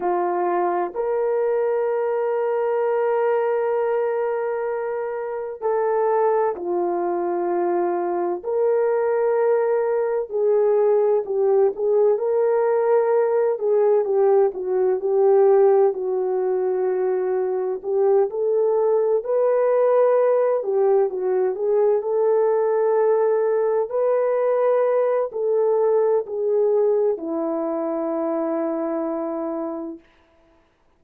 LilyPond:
\new Staff \with { instrumentName = "horn" } { \time 4/4 \tempo 4 = 64 f'4 ais'2.~ | ais'2 a'4 f'4~ | f'4 ais'2 gis'4 | g'8 gis'8 ais'4. gis'8 g'8 fis'8 |
g'4 fis'2 g'8 a'8~ | a'8 b'4. g'8 fis'8 gis'8 a'8~ | a'4. b'4. a'4 | gis'4 e'2. | }